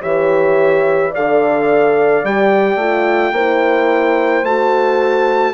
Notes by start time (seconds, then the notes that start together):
0.00 E3 G4 C#5 E5
1.11 D3 A4 D5 F5
2.24 G3 G4 G5
2.75 A3 F4
3.32 A#3 E4 C5
4.43 A3 F#4 A5